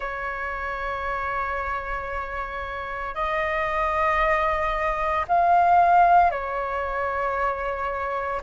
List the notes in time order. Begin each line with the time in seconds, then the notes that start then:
0.00 C#5
3.14 D#5
5.28 F5
6.30 C#5